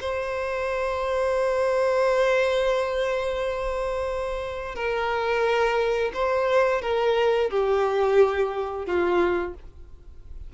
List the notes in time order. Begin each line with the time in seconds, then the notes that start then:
0.00 C5
4.75 A#4
6.13 C5
6.82 A#4
7.50 G4
8.86 F4